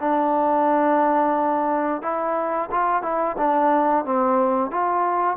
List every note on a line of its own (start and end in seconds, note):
0.00 2.02 D4
2.02 2.70 E4
2.71 3.02 F4
3.02 3.36 E4
3.37 4.05 D4
4.05 4.71 C4
4.71 5.37 F4